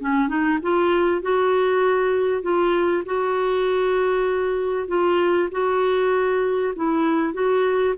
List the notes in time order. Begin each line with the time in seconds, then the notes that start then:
0.00 C#4
0.28 D#4
0.62 F4
1.22 F#4
2.42 F4
3.05 F#4
4.88 F4
5.51 F#4
6.75 E4
7.33 F#4